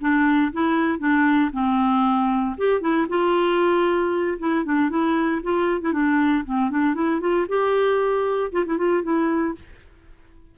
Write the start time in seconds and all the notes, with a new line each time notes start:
0.00 D4
0.52 E4
0.99 D4
1.52 C4
2.57 G4
2.80 E4
3.08 F4
4.39 E4
4.64 D4
4.89 E4
5.42 F4
5.81 E4
5.92 D4
6.45 C4
6.70 D4
6.94 E4
7.20 F4
7.48 G4
8.52 F4
8.66 E4
8.77 F4
9.03 E4